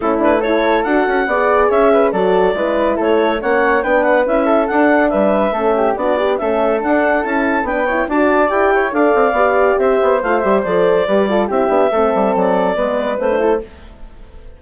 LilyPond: <<
  \new Staff \with { instrumentName = "clarinet" } { \time 4/4 \tempo 4 = 141 a'8 b'8 cis''4 fis''2 | e''4 d''2 cis''4 | fis''4 g''8 fis''8 e''4 fis''4 | e''2 d''4 e''4 |
fis''4 a''4 g''4 a''4 | g''4 f''2 e''4 | f''8 e''8 d''2 e''4~ | e''4 d''2 c''4 | }
  \new Staff \with { instrumentName = "flute" } { \time 4/4 e'4 a'2 d''4 | cis''8 b'8 a'4 b'4 a'4 | cis''4 b'4. a'4. | b'4 a'8 g'8 fis'8 d'8 a'4~ |
a'2 b'8 cis''8 d''4~ | d''8 cis''8 d''2 c''4~ | c''2 b'8 a'8 g'4 | a'2 b'4. a'8 | }
  \new Staff \with { instrumentName = "horn" } { \time 4/4 cis'8 d'8 e'4 fis'4 gis'4~ | gis'4 fis'4 e'2 | cis'4 d'4 e'4 d'4~ | d'4 cis'4 d'8 g'8 cis'4 |
d'4 e'4 d'8 e'8 fis'4 | g'4 a'4 g'2 | f'8 g'8 a'4 g'8 f'8 e'8 d'8 | c'2 b4 c'16 d'16 e'8 | }
  \new Staff \with { instrumentName = "bassoon" } { \time 4/4 a2 d'8 cis'8 b4 | cis'4 fis4 gis4 a4 | ais4 b4 cis'4 d'4 | g4 a4 b4 a4 |
d'4 cis'4 b4 d'4 | e'4 d'8 c'8 b4 c'8 b8 | a8 g8 f4 g4 c'8 b8 | a8 g8 fis4 gis4 a4 | }
>>